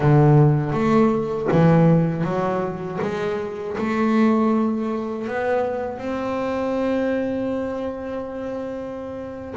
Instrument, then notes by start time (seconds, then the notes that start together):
double bass
0.00 D3
0.72 A3
1.51 E3
2.24 F#3
3.01 G#3
3.77 A3
5.27 B3
5.98 C4